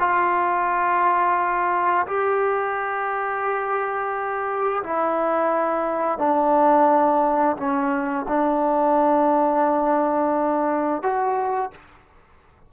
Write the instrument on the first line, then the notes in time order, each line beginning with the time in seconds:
trombone
0.00 F4
2.07 G4
4.84 E4
6.19 D4
7.57 C#4
8.29 D4
11.03 F#4